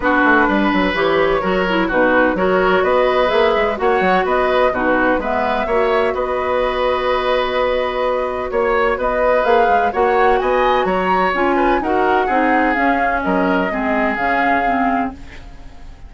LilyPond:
<<
  \new Staff \with { instrumentName = "flute" } { \time 4/4 \tempo 4 = 127 b'2 cis''2 | b'4 cis''4 dis''4 e''4 | fis''4 dis''4 b'4 e''4~ | e''4 dis''2.~ |
dis''2 cis''4 dis''4 | f''4 fis''4 gis''4 ais''4 | gis''4 fis''2 f''4 | dis''2 f''2 | }
  \new Staff \with { instrumentName = "oboe" } { \time 4/4 fis'4 b'2 ais'4 | fis'4 ais'4 b'2 | cis''4 b'4 fis'4 b'4 | cis''4 b'2.~ |
b'2 cis''4 b'4~ | b'4 cis''4 dis''4 cis''4~ | cis''8 b'8 ais'4 gis'2 | ais'4 gis'2. | }
  \new Staff \with { instrumentName = "clarinet" } { \time 4/4 d'2 g'4 fis'8 e'8 | dis'4 fis'2 gis'4 | fis'2 dis'4 b4 | fis'1~ |
fis'1 | gis'4 fis'2. | f'4 fis'4 dis'4 cis'4~ | cis'4 c'4 cis'4 c'4 | }
  \new Staff \with { instrumentName = "bassoon" } { \time 4/4 b8 a8 g8 fis8 e4 fis4 | b,4 fis4 b4 ais8 gis8 | ais8 fis8 b4 b,4 gis4 | ais4 b2.~ |
b2 ais4 b4 | ais8 gis8 ais4 b4 fis4 | cis'4 dis'4 c'4 cis'4 | fis4 gis4 cis2 | }
>>